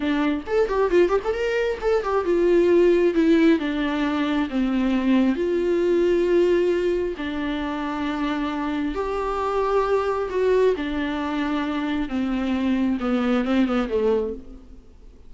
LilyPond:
\new Staff \with { instrumentName = "viola" } { \time 4/4 \tempo 4 = 134 d'4 a'8 g'8 f'8 g'16 a'16 ais'4 | a'8 g'8 f'2 e'4 | d'2 c'2 | f'1 |
d'1 | g'2. fis'4 | d'2. c'4~ | c'4 b4 c'8 b8 a4 | }